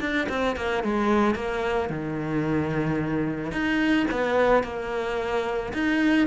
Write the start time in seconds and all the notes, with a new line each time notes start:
0.00 D4
0.29 C4
0.56 A#3
0.83 G#3
1.35 A#3
1.89 D#3
3.51 D#4
4.11 B3
4.63 A#3
5.73 D#4